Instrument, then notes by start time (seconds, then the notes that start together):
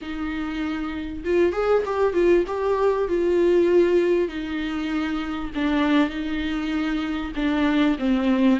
viola
0.01 D#4
1.24 F4
1.52 G#4
1.85 G4
2.13 F4
2.47 G4
3.08 F4
4.28 D#4
5.54 D4
6.09 D#4
7.35 D4
7.98 C4